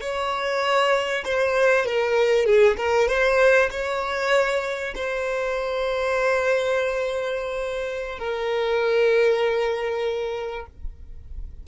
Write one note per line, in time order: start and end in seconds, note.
0.00 1.24 C#5
1.24 1.85 C5
1.85 2.45 A#4
2.45 2.76 G#4
2.77 3.08 A#4
3.08 3.69 C5
3.70 4.94 C#5
4.95 8.18 C5
8.18 10.66 A#4